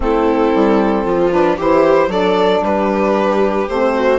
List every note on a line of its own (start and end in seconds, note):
0.00 0.52 A3
0.00 1.31 C4
0.00 1.04 E4
0.00 1.31 A4
0.54 1.05 G3
1.04 1.57 F3
1.04 1.56 F4
1.31 1.58 D4
1.31 1.57 B4
1.56 2.07 E3
1.56 2.09 E4
1.56 2.09 G4
1.56 2.11 C5
2.07 2.59 F#3
2.07 3.67 D4
2.07 2.62 A4
2.07 2.63 D5
2.61 3.66 G3
2.61 3.95 G4
2.61 3.68 B4
3.68 4.18 A3
3.68 4.18 C4
3.68 4.18 C5
3.95 4.18 F#4